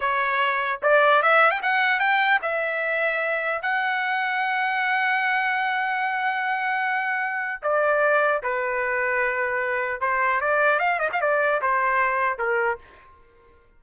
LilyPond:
\new Staff \with { instrumentName = "trumpet" } { \time 4/4 \tempo 4 = 150 cis''2 d''4 e''8. g''16 | fis''4 g''4 e''2~ | e''4 fis''2.~ | fis''1~ |
fis''2. d''4~ | d''4 b'2.~ | b'4 c''4 d''4 f''8 dis''16 f''16 | d''4 c''2 ais'4 | }